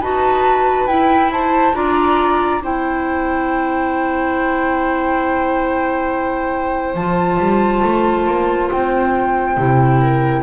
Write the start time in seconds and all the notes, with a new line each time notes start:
0.00 D#4 F#4 B4 A5
0.86 E4 G5
1.31 C5 A5
1.73 D4 F4 D5 A#5
2.60 C4 E4 C5 G5
6.94 F3 F4 A5
7.39 G3
7.83 A3
8.26 A#3
8.71 C4 G5
9.57 C3 E4
10.00 A#4